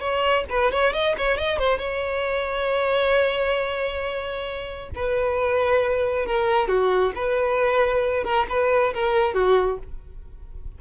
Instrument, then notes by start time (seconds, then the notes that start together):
violin
0.00 C#5
0.50 B4
0.72 C#5
0.93 D#5
1.17 C#5
1.37 D#5
1.58 C5
1.78 C#5
4.95 B4
6.26 A#4
6.68 F#4
7.15 B4
8.24 A#4
8.49 B4
8.94 A#4
9.34 F#4